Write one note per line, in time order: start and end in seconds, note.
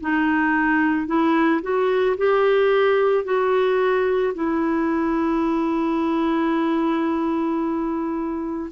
0.00 1.06 D#4
1.06 1.61 E4
1.62 2.16 F#4
2.17 3.24 G4
3.24 4.33 F#4
4.34 8.70 E4